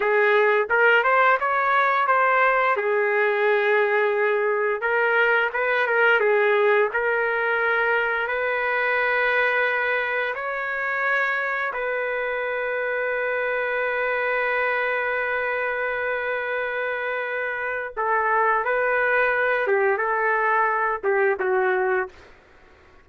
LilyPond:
\new Staff \with { instrumentName = "trumpet" } { \time 4/4 \tempo 4 = 87 gis'4 ais'8 c''8 cis''4 c''4 | gis'2. ais'4 | b'8 ais'8 gis'4 ais'2 | b'2. cis''4~ |
cis''4 b'2.~ | b'1~ | b'2 a'4 b'4~ | b'8 g'8 a'4. g'8 fis'4 | }